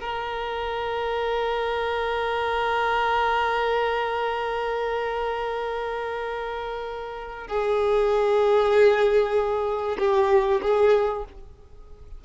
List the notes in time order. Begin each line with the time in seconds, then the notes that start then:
0.00 A#4
7.47 G#4
9.99 G4
10.62 G#4